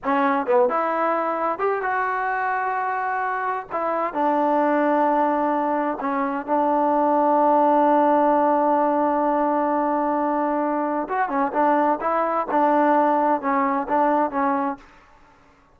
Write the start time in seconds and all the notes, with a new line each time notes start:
0.04 C#4
0.46 B3
0.69 E4
1.58 G4
1.82 F#4
3.72 E4
4.13 D4
6.00 C#4
6.46 D4
11.08 F#4
11.28 C#4
11.53 D4
12.00 E4
12.51 D4
13.41 C#4
13.88 D4
14.31 C#4